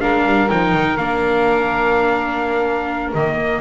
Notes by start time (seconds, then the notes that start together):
0.00 G#3 D4 A#4 F5
0.25 G3
0.50 F3 D#4 G5
0.74 D#3
0.97 A#3 D4 F5
3.14 D#3 A#3 D#5